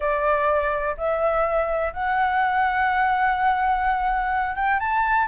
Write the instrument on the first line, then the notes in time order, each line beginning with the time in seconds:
flute
0.00 D5
0.97 E5
1.93 F#5
4.55 G5
4.79 A5